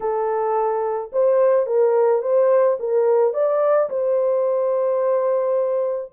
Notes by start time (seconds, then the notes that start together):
0.00 A4
1.12 C5
1.66 A#4
2.22 C5
2.79 A#4
3.33 D5
3.89 C5